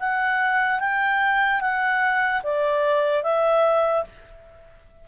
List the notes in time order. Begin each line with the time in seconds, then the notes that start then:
0.00 F#5
0.80 G5
1.61 F#5
2.44 D5
3.24 E5